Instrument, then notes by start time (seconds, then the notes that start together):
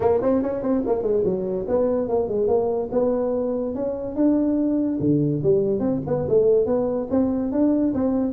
tuba
0.00 A#3
0.22 C4
0.42 C#4
0.62 C4
0.86 A#3
1.02 G#3
1.24 F#3
1.67 B3
2.08 A#3
2.28 G#3
2.47 A#3
2.91 B3
3.75 C#4
4.15 D4
5.00 D3
5.43 G3
5.79 C4
6.07 B3
6.29 A3
6.66 B3
7.10 C4
7.52 D4
7.94 C4